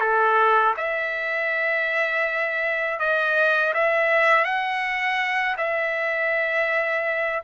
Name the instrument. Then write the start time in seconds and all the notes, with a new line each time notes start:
trumpet
0.00 A4
0.77 E5
2.99 D#5
3.73 E5
4.44 F#5
5.57 E5